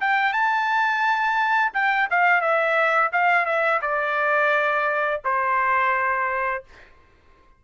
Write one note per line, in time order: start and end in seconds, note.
0.00 0.32 G5
0.32 1.72 A5
1.73 2.08 G5
2.10 2.41 F5
2.41 3.10 E5
3.12 3.45 F5
3.45 3.80 E5
3.82 5.21 D5
5.24 6.64 C5